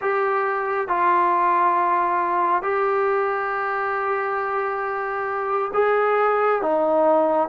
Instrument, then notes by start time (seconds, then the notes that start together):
trombone
0.01 G4
0.87 F4
2.62 G4
5.74 G#4
6.62 D#4